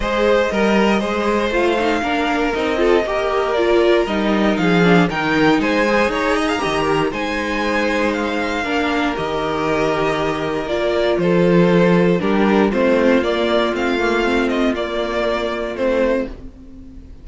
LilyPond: <<
  \new Staff \with { instrumentName = "violin" } { \time 4/4 \tempo 4 = 118 dis''2. f''4~ | f''4 dis''2 d''4 | dis''4 f''4 g''4 gis''4 | ais''2 gis''2 |
f''2 dis''2~ | dis''4 d''4 c''2 | ais'4 c''4 d''4 f''4~ | f''8 dis''8 d''2 c''4 | }
  \new Staff \with { instrumentName = "violin" } { \time 4/4 c''4 ais'4 c''2 | ais'4. a'8 ais'2~ | ais'4 gis'4 ais'4 c''4 | cis''8 dis''16 f''16 dis''8 ais'8 c''2~ |
c''4 ais'2.~ | ais'2 a'2 | g'4 f'2.~ | f'1 | }
  \new Staff \with { instrumentName = "viola" } { \time 4/4 gis'4 ais'4 gis'4 f'8 dis'8 | d'4 dis'8 f'8 g'4 f'4 | dis'4. d'8 dis'4. gis'8~ | gis'4 g'4 dis'2~ |
dis'4 d'4 g'2~ | g'4 f'2. | d'4 c'4 ais4 c'8 ais8 | c'4 ais2 c'4 | }
  \new Staff \with { instrumentName = "cello" } { \time 4/4 gis4 g4 gis4 a4 | ais4 c'4 ais2 | g4 f4 dis4 gis4 | dis'4 dis4 gis2~ |
gis4 ais4 dis2~ | dis4 ais4 f2 | g4 a4 ais4 a4~ | a4 ais2 a4 | }
>>